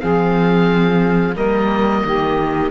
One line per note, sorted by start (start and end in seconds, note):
0.00 1.36 F3
0.00 1.35 C4
0.00 1.35 G#4
0.00 1.35 F5
1.35 2.03 G3
1.35 2.71 A#3
1.35 2.03 A#4
1.35 2.71 D#5
2.04 2.71 D#3
2.04 2.71 G4